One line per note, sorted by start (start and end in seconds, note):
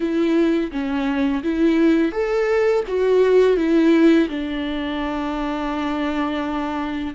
0.00 0.70 E4
0.71 1.43 C#4
1.43 2.12 E4
2.12 2.83 A4
2.87 3.56 F#4
3.56 4.28 E4
4.28 7.14 D4